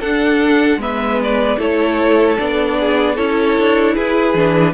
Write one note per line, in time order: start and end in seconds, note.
0.00 0.80 D4
0.00 0.77 D4
0.00 0.79 A4
0.00 0.81 F#5
0.77 1.56 G#3
0.77 1.58 B3
0.77 1.59 B4
0.77 1.21 E5
1.23 1.61 D5
1.58 2.38 A3
1.58 2.37 E4
1.58 2.77 A4
1.58 2.38 C#5
2.38 3.18 B3
2.38 3.17 D4
2.38 3.17 D5
2.80 3.15 G#4
3.15 3.58 C#4
3.15 4.35 E4
3.15 3.94 A4
3.15 3.95 C#5
3.58 3.97 D4
3.94 4.34 E4
3.94 4.73 G#4
3.94 4.74 B4
4.34 4.74 E3
4.34 4.74 D4